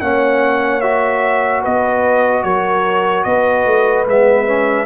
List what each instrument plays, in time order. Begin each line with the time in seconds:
0.00 tuba A#3, trombone C#4, horn C#5, trumpet F#5
0.80 trombone F#4, trumpet E5
1.61 tuba B3, horn B4, trumpet D#5
2.43 tuba F#3, horn A#4, trumpet C#5
3.23 tuba B3, horn B4, trumpet D#5
3.65 tuba A3
4.06 tuba G#3, trombone B3, trumpet E5
4.46 trombone C#4